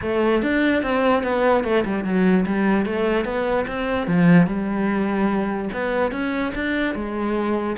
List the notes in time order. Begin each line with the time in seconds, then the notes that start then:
0.01 A3
0.42 D4
0.82 C4
1.23 B3
1.64 A3
1.85 G3
2.04 F#3
2.46 G3
2.85 A3
3.24 B3
3.67 C4
4.07 F3
4.46 G3
5.73 B3
6.11 C#4
6.55 D4
6.94 G#3